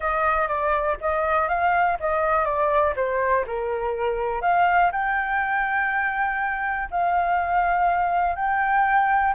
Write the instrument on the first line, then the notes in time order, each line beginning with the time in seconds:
flute
0.00 D#5
0.48 D5
1.00 D#5
1.48 F5
2.00 D#5
2.45 D5
2.96 C5
3.46 A#4
4.41 F5
4.92 G5
6.90 F5
8.35 G5